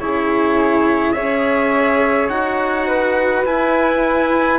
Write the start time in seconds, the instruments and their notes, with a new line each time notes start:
0.00 bassoon C#3, cello E4, flute G#4, trumpet C#5
1.12 bassoon C#4, cello G#4, flute C#5, trumpet E5
2.29 bassoon D#4, cello F#4, trumpet F#5
2.87 flute B4
3.46 bassoon E4, cello E4, trumpet G#5